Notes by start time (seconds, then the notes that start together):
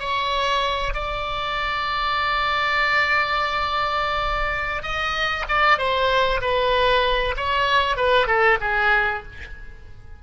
0.00 C#5
0.94 D5
4.83 D#5
5.49 D5
5.78 C5
6.41 B4
7.37 C#5
7.97 B4
8.28 A4
8.61 G#4